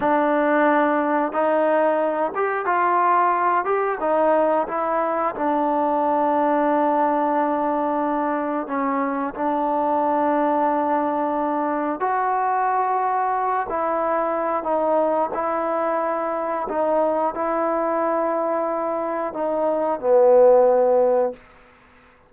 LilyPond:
\new Staff \with { instrumentName = "trombone" } { \time 4/4 \tempo 4 = 90 d'2 dis'4. g'8 | f'4. g'8 dis'4 e'4 | d'1~ | d'4 cis'4 d'2~ |
d'2 fis'2~ | fis'8 e'4. dis'4 e'4~ | e'4 dis'4 e'2~ | e'4 dis'4 b2 | }